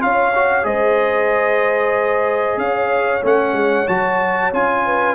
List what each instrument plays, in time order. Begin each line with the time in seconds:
0.00 tuba C#4, trombone F4, horn C#5, trumpet F5
0.34 trombone F#4
0.63 tuba G#3, trombone G#4, horn C5, trumpet D#5
2.57 tuba C#4, horn C#5, trumpet F5
3.23 tuba A3, trombone C#4, trumpet F#5
3.53 tuba G#3
3.88 tuba F#3, trombone F#4, trumpet A5
4.52 tuba C#4, trombone F4, trumpet G#5
4.85 horn B4